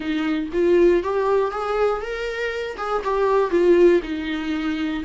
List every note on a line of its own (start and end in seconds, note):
0.00 0.49 D#4
0.52 1.03 F4
1.03 1.51 G4
1.51 2.01 G#4
2.01 2.76 A#4
2.77 3.02 G#4
3.04 3.50 G4
3.50 4.01 F4
4.02 5.03 D#4